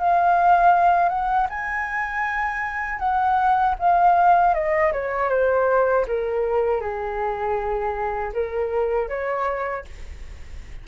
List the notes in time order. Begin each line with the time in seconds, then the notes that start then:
0.00 F5
1.09 F#5
1.50 G#5
3.00 F#5
3.79 F5
4.55 D#5
4.93 C#5
5.30 C5
6.08 A#4
6.81 G#4
8.34 A#4
9.09 C#5